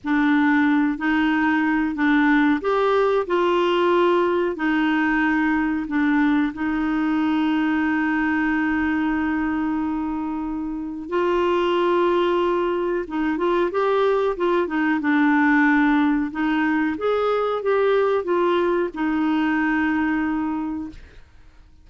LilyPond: \new Staff \with { instrumentName = "clarinet" } { \time 4/4 \tempo 4 = 92 d'4. dis'4. d'4 | g'4 f'2 dis'4~ | dis'4 d'4 dis'2~ | dis'1~ |
dis'4 f'2. | dis'8 f'8 g'4 f'8 dis'8 d'4~ | d'4 dis'4 gis'4 g'4 | f'4 dis'2. | }